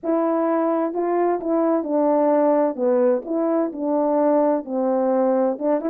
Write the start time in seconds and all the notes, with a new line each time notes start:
0.03 E4
0.93 F4
1.40 E4
1.83 D4
2.75 B3
3.25 E4
3.72 D4
4.64 C4
5.58 D4
5.80 E4